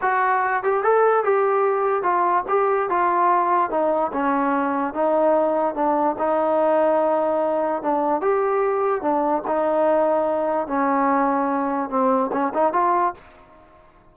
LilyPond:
\new Staff \with { instrumentName = "trombone" } { \time 4/4 \tempo 4 = 146 fis'4. g'8 a'4 g'4~ | g'4 f'4 g'4 f'4~ | f'4 dis'4 cis'2 | dis'2 d'4 dis'4~ |
dis'2. d'4 | g'2 d'4 dis'4~ | dis'2 cis'2~ | cis'4 c'4 cis'8 dis'8 f'4 | }